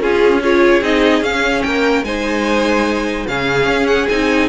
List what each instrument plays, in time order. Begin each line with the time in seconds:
0.00 cello C#4, viola C#4, violin F4 G#4
0.42 viola F4, violin G#4 C#5
0.81 cello C4, viola D#4, violin D#5
1.21 cello C#4, viola C#4, violin F5
1.62 cello A#3, violin A#4 G5
2.03 cello G#3, viola D#4, violin C5 G#5
3.27 cello C#3, viola C#4, violin G#4 F5
3.67 cello C#4
3.87 violin F#5
4.08 cello C4, viola D#4, violin G#5